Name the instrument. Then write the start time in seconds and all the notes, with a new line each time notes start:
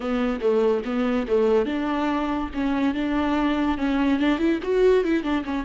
viola
0.00 B3
0.40 A3
0.84 B3
1.27 A3
1.65 D4
2.53 C#4
2.94 D4
3.77 C#4
4.19 D4
4.38 E4
4.62 F#4
5.04 E4
5.23 D4
5.44 C#4